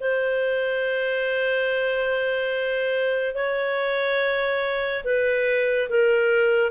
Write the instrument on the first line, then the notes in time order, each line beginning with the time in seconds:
clarinet
0.00 C5
3.35 C#5
5.04 B4
5.89 A#4